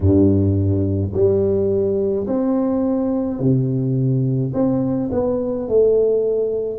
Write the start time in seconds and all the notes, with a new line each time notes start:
0.00 G2
1.13 G3
2.26 C4
3.40 C3
4.53 C4
5.11 B3
5.68 A3